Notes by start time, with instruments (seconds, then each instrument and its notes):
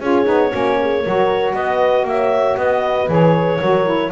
0.00 double bass C#4, saxophone F4, horn G#4, clarinet C#5
0.24 double bass B3, saxophone D#4
0.51 double bass A#3, saxophone C#4, horn F#4
0.80 horn G#4
1.04 double bass F#3, saxophone F#4, horn A#4
1.53 double bass B3, horn B4, clarinet D#5
2.04 double bass A#3, clarinet E5
2.10 horn C#5
2.56 double bass B3, horn B4, clarinet D#5
3.08 double bass E3, saxophone G#4, clarinet C#5
3.60 double bass F#3, saxophone F#4, horn A#4
3.85 saxophone E4